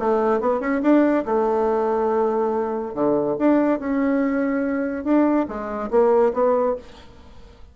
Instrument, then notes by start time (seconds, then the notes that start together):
bassoon
0.00 A3
0.41 B3
0.61 C#4
0.83 D4
1.26 A3
2.94 D3
3.39 D4
3.80 C#4
5.05 D4
5.49 G#3
5.91 A#3
6.34 B3